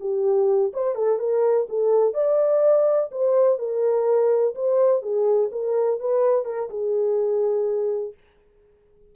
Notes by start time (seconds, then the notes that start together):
0.00 G4
0.73 C5
0.95 A4
1.19 A#4
1.69 A4
2.13 D5
3.11 C5
3.58 A#4
4.55 C5
5.02 G#4
5.52 A#4
6.00 B4
6.45 A#4
6.70 G#4